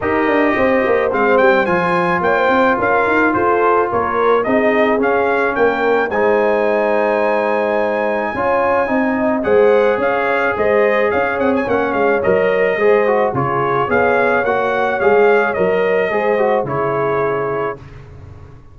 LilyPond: <<
  \new Staff \with { instrumentName = "trumpet" } { \time 4/4 \tempo 4 = 108 dis''2 f''8 g''8 gis''4 | g''4 f''4 c''4 cis''4 | dis''4 f''4 g''4 gis''4~ | gis''1~ |
gis''4 fis''4 f''4 dis''4 | f''8 fis''16 gis''16 fis''8 f''8 dis''2 | cis''4 f''4 fis''4 f''4 | dis''2 cis''2 | }
  \new Staff \with { instrumentName = "horn" } { \time 4/4 ais'4 c''2. | cis''16 c''8. ais'4 a'4 ais'4 | gis'2 ais'4 c''4~ | c''2. cis''4 |
dis''4 c''4 cis''4 c''4 | cis''2. c''4 | gis'4 cis''2.~ | cis''4 c''4 gis'2 | }
  \new Staff \with { instrumentName = "trombone" } { \time 4/4 g'2 c'4 f'4~ | f'1 | dis'4 cis'2 dis'4~ | dis'2. f'4 |
dis'4 gis'2.~ | gis'4 cis'4 ais'4 gis'8 fis'8 | f'4 gis'4 fis'4 gis'4 | ais'4 gis'8 fis'8 e'2 | }
  \new Staff \with { instrumentName = "tuba" } { \time 4/4 dis'8 d'8 c'8 ais8 gis8 g8 f4 | ais8 c'8 cis'8 dis'8 f'4 ais4 | c'4 cis'4 ais4 gis4~ | gis2. cis'4 |
c'4 gis4 cis'4 gis4 | cis'8 c'8 ais8 gis8 fis4 gis4 | cis4 b4 ais4 gis4 | fis4 gis4 cis2 | }
>>